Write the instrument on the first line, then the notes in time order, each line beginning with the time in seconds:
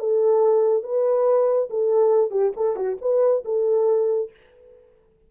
horn
0.00 A4
0.83 B4
1.70 A4
2.31 G4
2.56 A4
2.76 F#4
3.01 B4
3.45 A4